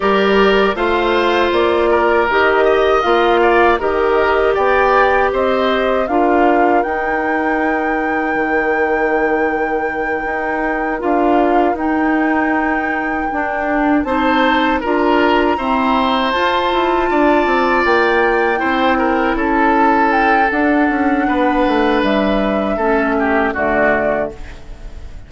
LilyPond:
<<
  \new Staff \with { instrumentName = "flute" } { \time 4/4 \tempo 4 = 79 d''4 f''4 d''4 dis''4 | f''4 dis''4 g''4 dis''4 | f''4 g''2.~ | g''2~ g''8 f''4 g''8~ |
g''2~ g''8 a''4 ais''8~ | ais''4. a''2 g''8~ | g''4. a''4 g''8 fis''4~ | fis''4 e''2 d''4 | }
  \new Staff \with { instrumentName = "oboe" } { \time 4/4 ais'4 c''4. ais'4 dis''8~ | dis''8 d''8 ais'4 d''4 c''4 | ais'1~ | ais'1~ |
ais'2~ ais'8 c''4 ais'8~ | ais'8 c''2 d''4.~ | d''8 c''8 ais'8 a'2~ a'8 | b'2 a'8 g'8 fis'4 | }
  \new Staff \with { instrumentName = "clarinet" } { \time 4/4 g'4 f'2 g'4 | f'4 g'2. | f'4 dis'2.~ | dis'2~ dis'8 f'4 dis'8~ |
dis'4. d'4 dis'4 f'8~ | f'8 c'4 f'2~ f'8~ | f'8 e'2~ e'8 d'4~ | d'2 cis'4 a4 | }
  \new Staff \with { instrumentName = "bassoon" } { \time 4/4 g4 a4 ais4 dis4 | ais4 dis4 b4 c'4 | d'4 dis'2 dis4~ | dis4. dis'4 d'4 dis'8~ |
dis'4. d'4 c'4 d'8~ | d'8 e'4 f'8 e'8 d'8 c'8 ais8~ | ais8 c'4 cis'4. d'8 cis'8 | b8 a8 g4 a4 d4 | }
>>